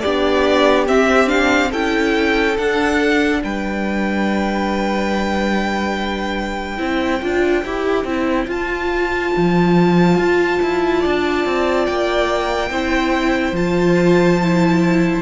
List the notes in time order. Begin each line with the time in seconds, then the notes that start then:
0.00 B3 D4 G4 D5
0.86 C4 E5
1.27 D4 F5
1.71 C#4 E4 A4 G5
2.57 D4 F#5
3.43 G3 B4 G5
6.77 C4 E4 C5
7.22 D4 F4
7.65 E4 G4
8.04 C4 E4
8.47 F4 A5
9.37 F3
10.18 F4
10.62 E4
11.00 D4 D5
11.45 C4
11.86 A#3 G5
12.70 C4 E4 C5
13.52 F3 F4 A5
14.42 E4